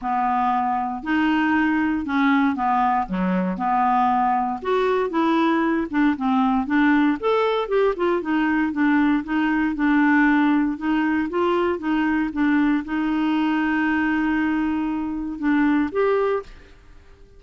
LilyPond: \new Staff \with { instrumentName = "clarinet" } { \time 4/4 \tempo 4 = 117 b2 dis'2 | cis'4 b4 fis4 b4~ | b4 fis'4 e'4. d'8 | c'4 d'4 a'4 g'8 f'8 |
dis'4 d'4 dis'4 d'4~ | d'4 dis'4 f'4 dis'4 | d'4 dis'2.~ | dis'2 d'4 g'4 | }